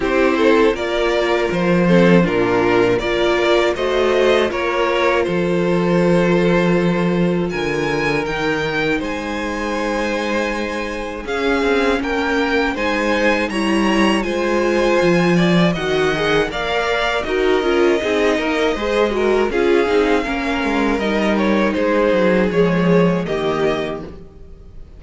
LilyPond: <<
  \new Staff \with { instrumentName = "violin" } { \time 4/4 \tempo 4 = 80 c''4 d''4 c''4 ais'4 | d''4 dis''4 cis''4 c''4~ | c''2 gis''4 g''4 | gis''2. f''4 |
g''4 gis''4 ais''4 gis''4~ | gis''4 fis''4 f''4 dis''4~ | dis''2 f''2 | dis''8 cis''8 c''4 cis''4 dis''4 | }
  \new Staff \with { instrumentName = "violin" } { \time 4/4 g'8 a'8 ais'4. a'8 f'4 | ais'4 c''4 ais'4 a'4~ | a'2 ais'2 | c''2. gis'4 |
ais'4 c''4 cis''4 c''4~ | c''8 d''8 dis''4 d''4 ais'4 | gis'8 ais'8 c''8 ais'8 gis'4 ais'4~ | ais'4 gis'2 g'4 | }
  \new Staff \with { instrumentName = "viola" } { \time 4/4 e'4 f'4. c'8 d'4 | f'4 fis'4 f'2~ | f'2. dis'4~ | dis'2. cis'4~ |
cis'4 dis'4 e'4 f'4~ | f'4 fis'8 gis'8 ais'4 fis'8 f'8 | dis'4 gis'8 fis'8 f'8 dis'8 cis'4 | dis'2 gis4 ais4 | }
  \new Staff \with { instrumentName = "cello" } { \time 4/4 c'4 ais4 f4 ais,4 | ais4 a4 ais4 f4~ | f2 d4 dis4 | gis2. cis'8 c'8 |
ais4 gis4 g4 gis4 | f4 dis4 ais4 dis'8 cis'8 | c'8 ais8 gis4 cis'8 c'8 ais8 gis8 | g4 gis8 fis8 f4 dis4 | }
>>